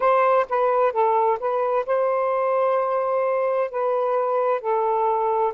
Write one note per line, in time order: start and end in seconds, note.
0.00 0.46 C5
0.49 0.92 B4
0.92 1.38 A4
1.39 1.85 B4
1.86 3.70 C5
3.70 4.61 B4
4.61 5.53 A4